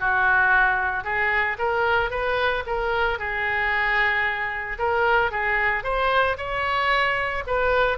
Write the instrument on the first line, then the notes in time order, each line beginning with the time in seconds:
oboe
0.00 F#4
1.04 G#4
1.59 A#4
2.11 B4
2.67 A#4
3.19 G#4
4.79 A#4
5.32 G#4
5.84 C5
6.38 C#5
7.47 B4